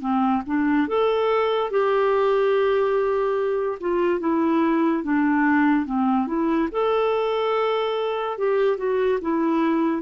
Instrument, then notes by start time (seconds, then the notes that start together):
clarinet
0.00 C4
0.46 D4
0.87 A4
1.70 G4
3.80 F4
4.20 E4
5.03 D4
5.86 C4
6.27 E4
6.72 A4
8.37 G4
8.77 F#4
9.21 E4